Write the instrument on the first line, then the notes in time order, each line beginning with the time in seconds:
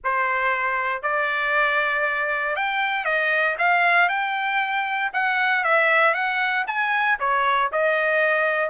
trumpet
0.03 C5
1.02 D5
2.55 G5
3.04 D#5
3.58 F5
4.08 G5
5.13 F#5
5.64 E5
6.14 F#5
6.67 G#5
7.19 C#5
7.72 D#5